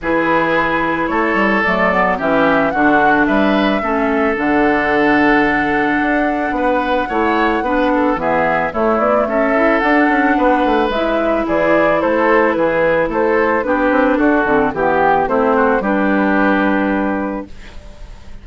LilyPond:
<<
  \new Staff \with { instrumentName = "flute" } { \time 4/4 \tempo 4 = 110 b'2 cis''4 d''4 | e''4 fis''4 e''2 | fis''1~ | fis''2. e''4 |
cis''8 d''8 e''4 fis''2 | e''4 d''4 c''4 b'4 | c''4 b'4 a'4 g'4 | c''4 b'2. | }
  \new Staff \with { instrumentName = "oboe" } { \time 4/4 gis'2 a'2 | g'4 fis'4 b'4 a'4~ | a'1 | b'4 cis''4 b'8 a'8 gis'4 |
e'4 a'2 b'4~ | b'4 gis'4 a'4 gis'4 | a'4 g'4 fis'4 g'4 | e'8 fis'8 g'2. | }
  \new Staff \with { instrumentName = "clarinet" } { \time 4/4 e'2. a8 b8 | cis'4 d'2 cis'4 | d'1~ | d'4 e'4 d'4 b4 |
a4. e'8 d'2 | e'1~ | e'4 d'4. c'8 b4 | c'4 d'2. | }
  \new Staff \with { instrumentName = "bassoon" } { \time 4/4 e2 a8 g8 fis4 | e4 d4 g4 a4 | d2. d'4 | b4 a4 b4 e4 |
a8 b8 cis'4 d'8 cis'8 b8 a8 | gis4 e4 a4 e4 | a4 b8 c'8 d'8 d8 e4 | a4 g2. | }
>>